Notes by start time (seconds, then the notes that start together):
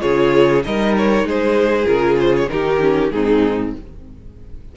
0.00 C#3 F4 G#4 C#5
0.64 G3 D#4 A#4 D#5
0.97 C#5
1.24 G#3 G#4 C5
1.85 C#3 F4 A#4
2.20 C5
2.37 C#5
2.49 D#3 D#4 G4 A#4
2.80 C#4
3.10 G#2 C4 D#4 G#4